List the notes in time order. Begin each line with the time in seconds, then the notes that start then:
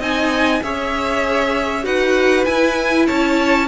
0.00 C4 D#4 D#5 G#5
0.63 C#4 G#4 C#5 E5
1.83 D#4 F#4 B4 F#5
2.45 E4 G#5
3.07 C#4 C#5 A5